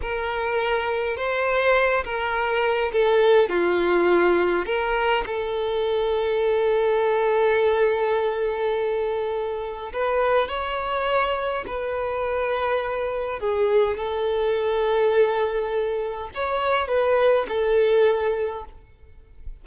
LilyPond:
\new Staff \with { instrumentName = "violin" } { \time 4/4 \tempo 4 = 103 ais'2 c''4. ais'8~ | ais'4 a'4 f'2 | ais'4 a'2.~ | a'1~ |
a'4 b'4 cis''2 | b'2. gis'4 | a'1 | cis''4 b'4 a'2 | }